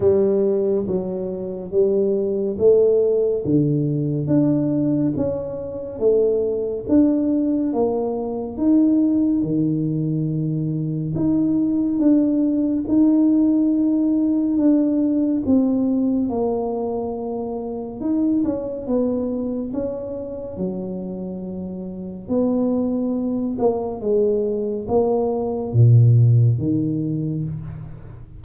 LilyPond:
\new Staff \with { instrumentName = "tuba" } { \time 4/4 \tempo 4 = 70 g4 fis4 g4 a4 | d4 d'4 cis'4 a4 | d'4 ais4 dis'4 dis4~ | dis4 dis'4 d'4 dis'4~ |
dis'4 d'4 c'4 ais4~ | ais4 dis'8 cis'8 b4 cis'4 | fis2 b4. ais8 | gis4 ais4 ais,4 dis4 | }